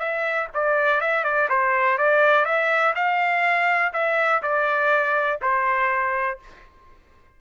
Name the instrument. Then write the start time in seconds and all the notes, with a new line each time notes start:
trumpet
0.00 E5
0.54 D5
1.01 E5
1.24 D5
1.50 C5
1.98 D5
2.46 E5
2.96 F5
3.94 E5
4.43 D5
5.42 C5